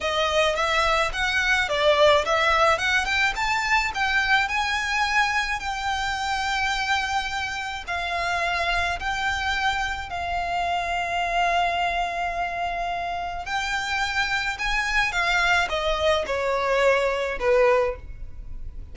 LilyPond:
\new Staff \with { instrumentName = "violin" } { \time 4/4 \tempo 4 = 107 dis''4 e''4 fis''4 d''4 | e''4 fis''8 g''8 a''4 g''4 | gis''2 g''2~ | g''2 f''2 |
g''2 f''2~ | f''1 | g''2 gis''4 f''4 | dis''4 cis''2 b'4 | }